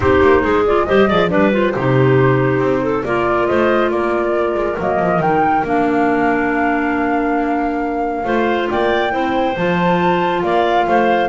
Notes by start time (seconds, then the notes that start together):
0.00 C4 D#4 G4 C5
0.21 A#3
0.42 G#3 G#4
0.65 F4 D5
0.85 G3 G4 C5 D#5
1.08 F3 G#4 D5
1.29 G3 D4 B4 D5
1.51 F4 C5
1.74 C3 D#4 G4
2.58 C4
2.82 A4
3.03 A#3 F4 A#4 D5
3.46 A3 C5 D#5
3.90 A#3 A#4 D5
4.54 G#3
4.78 F#3 A#3 D#5
4.99 F3
5.19 D#3 D#4 G5
5.63 A#3 D4 F5
8.24 A3 F4 C5
8.69 A#3 D5 G5
9.10 C4 E4 C5
9.57 F3 F4 A5
10.41 A#3 D5 F5
10.87 A3 C5